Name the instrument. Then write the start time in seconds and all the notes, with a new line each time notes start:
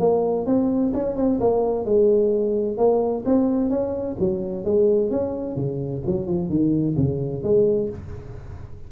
tuba
0.00 A#3
0.47 C4
0.95 C#4
1.17 C4
1.41 A#3
1.86 G#3
2.78 A#3
3.26 C4
3.70 C#4
4.19 F#3
4.65 G#3
5.11 C#4
5.56 C#3
6.07 F#3
6.27 F3
6.50 D#3
6.97 C#3
7.43 G#3